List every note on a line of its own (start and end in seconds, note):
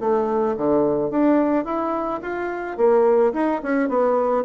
0.00 0.56 A3
0.57 1.10 D3
1.10 1.65 D4
1.65 2.20 E4
2.22 2.77 F4
2.77 3.33 A#3
3.33 3.61 D#4
3.63 3.89 C#4
3.89 4.44 B3